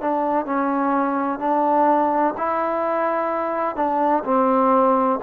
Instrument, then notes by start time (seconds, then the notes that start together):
trombone
0.00 D4
0.45 C#4
1.39 D4
2.37 E4
3.76 D4
4.24 C4